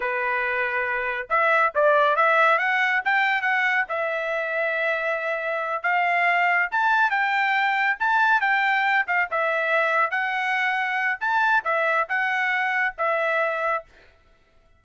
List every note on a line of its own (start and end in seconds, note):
0.00 1.27 B4
1.29 1.72 E5
1.74 2.16 D5
2.16 2.58 E5
2.58 3.01 F#5
3.05 3.41 G5
3.41 3.85 F#5
3.88 5.82 E5
5.82 6.69 F5
6.71 7.10 A5
7.10 7.96 G5
7.99 8.41 A5
8.41 9.05 G5
9.07 9.28 F5
9.30 10.10 E5
10.10 11.18 F#5
11.20 11.63 A5
11.64 12.07 E5
12.08 12.95 F#5
12.98 13.84 E5